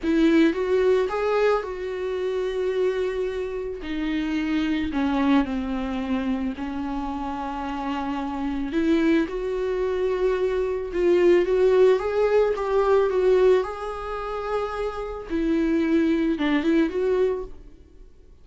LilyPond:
\new Staff \with { instrumentName = "viola" } { \time 4/4 \tempo 4 = 110 e'4 fis'4 gis'4 fis'4~ | fis'2. dis'4~ | dis'4 cis'4 c'2 | cis'1 |
e'4 fis'2. | f'4 fis'4 gis'4 g'4 | fis'4 gis'2. | e'2 d'8 e'8 fis'4 | }